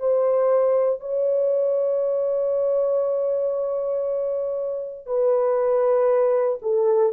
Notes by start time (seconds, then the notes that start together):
0.00 C5
1.01 C#5
5.07 B4
6.62 A4